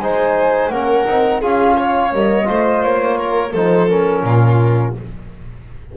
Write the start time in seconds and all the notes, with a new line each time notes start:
0.00 G#3 D#4 C5 G#5
0.70 A#3 C#4 A#4 F#5
1.07 C4 D#4
1.42 C#4 F4 G#4 F5
1.77 C#5
2.12 G3 A#3 D#5
2.45 A3 F4 C5
2.83 A#3 C#5
3.18 A#4
3.53 F3 D#4 A4 C5
3.89 C#4 A#4
4.24 A#2 F4